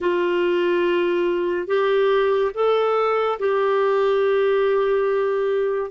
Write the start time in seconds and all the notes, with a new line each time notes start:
0.00 F4
1.67 G4
2.54 A4
3.39 G4